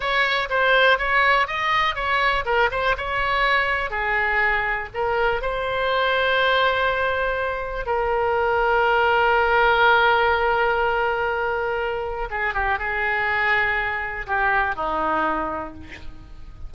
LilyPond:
\new Staff \with { instrumentName = "oboe" } { \time 4/4 \tempo 4 = 122 cis''4 c''4 cis''4 dis''4 | cis''4 ais'8 c''8 cis''2 | gis'2 ais'4 c''4~ | c''1 |
ais'1~ | ais'1~ | ais'4 gis'8 g'8 gis'2~ | gis'4 g'4 dis'2 | }